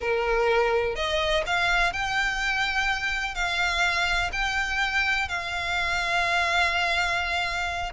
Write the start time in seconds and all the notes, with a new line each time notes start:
0.00 A#4
0.95 D#5
1.46 F5
1.92 G5
3.34 F5
4.32 G5
5.28 F5